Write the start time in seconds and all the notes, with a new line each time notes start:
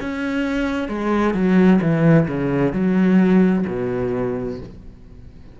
0.00 C#4
0.88 G#3
1.34 F#3
1.81 E3
2.28 C#3
2.73 F#3
3.67 B2